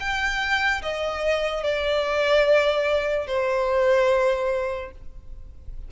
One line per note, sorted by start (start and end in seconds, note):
0.00 0.82 G5
0.83 1.64 D#5
1.64 3.27 D5
3.27 4.92 C5